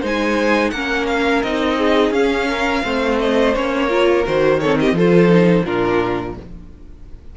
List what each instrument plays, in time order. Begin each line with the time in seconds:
0.00 cello G#3, viola D#4, violin C5
0.06 violin G#5
0.70 cello A#3, viola C#4, violin A#4 F#5
1.07 violin F5
1.42 cello C4, viola D#4, violin D#5
1.77 violin G#4
2.10 cello C#4, viola C#4, violin F5
2.48 violin A#4
2.82 cello A3, viola C4, violin C5
3.20 violin D#5
3.54 cello A#3, viola C#4, violin C#5
3.86 viola F4, violin A#4
4.25 cello D#3, viola F#4, violin C5
4.60 viola C4, violin A4 C#5
4.79 violin G4 D#5
4.92 cello F3, viola F4, violin A4
4.98 violin C5
5.28 viola D#4
5.65 cello A#2, viola D4, violin F4 A#4